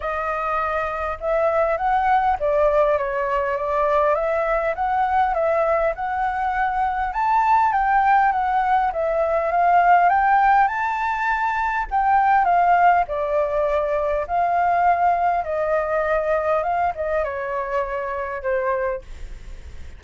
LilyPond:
\new Staff \with { instrumentName = "flute" } { \time 4/4 \tempo 4 = 101 dis''2 e''4 fis''4 | d''4 cis''4 d''4 e''4 | fis''4 e''4 fis''2 | a''4 g''4 fis''4 e''4 |
f''4 g''4 a''2 | g''4 f''4 d''2 | f''2 dis''2 | f''8 dis''8 cis''2 c''4 | }